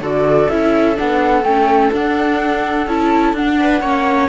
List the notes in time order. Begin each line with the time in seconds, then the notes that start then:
0.00 D3 F#4 A4 D5
0.49 C#4 E4 E5
0.95 B3 D4 F#5
1.43 A3 C#4 G5
1.92 D4 F#5
2.87 C#4 E4 A5
3.33 D4 F#5
3.59 B4
3.81 A#3 C#4 C#5